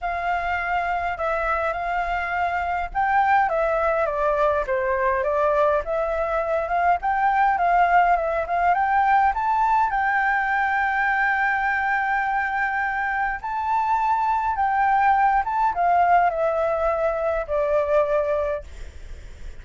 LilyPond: \new Staff \with { instrumentName = "flute" } { \time 4/4 \tempo 4 = 103 f''2 e''4 f''4~ | f''4 g''4 e''4 d''4 | c''4 d''4 e''4. f''8 | g''4 f''4 e''8 f''8 g''4 |
a''4 g''2.~ | g''2. a''4~ | a''4 g''4. a''8 f''4 | e''2 d''2 | }